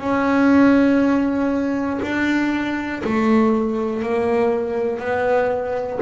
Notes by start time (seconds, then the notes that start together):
0.00 C#4
2.02 D4
3.04 A3
4.02 A#3
5.00 B3